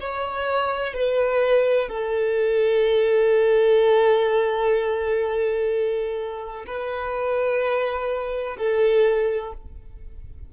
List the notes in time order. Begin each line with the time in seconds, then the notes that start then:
0.00 C#5
0.94 B4
1.89 A4
6.67 B4
8.58 A4